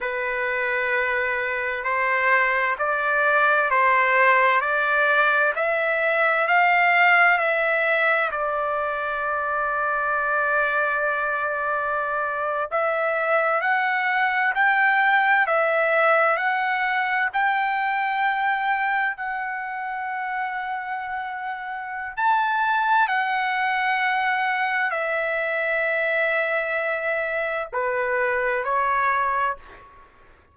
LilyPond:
\new Staff \with { instrumentName = "trumpet" } { \time 4/4 \tempo 4 = 65 b'2 c''4 d''4 | c''4 d''4 e''4 f''4 | e''4 d''2.~ | d''4.~ d''16 e''4 fis''4 g''16~ |
g''8. e''4 fis''4 g''4~ g''16~ | g''8. fis''2.~ fis''16 | a''4 fis''2 e''4~ | e''2 b'4 cis''4 | }